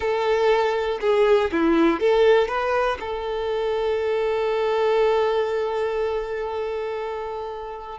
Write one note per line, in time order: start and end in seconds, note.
0.00 0.99 A4
1.00 1.50 G#4
1.52 2.00 E4
2.00 2.48 A4
2.48 2.97 B4
3.00 7.99 A4